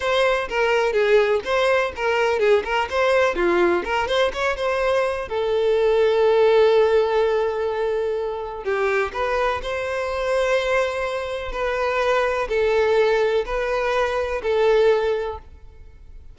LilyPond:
\new Staff \with { instrumentName = "violin" } { \time 4/4 \tempo 4 = 125 c''4 ais'4 gis'4 c''4 | ais'4 gis'8 ais'8 c''4 f'4 | ais'8 c''8 cis''8 c''4. a'4~ | a'1~ |
a'2 g'4 b'4 | c''1 | b'2 a'2 | b'2 a'2 | }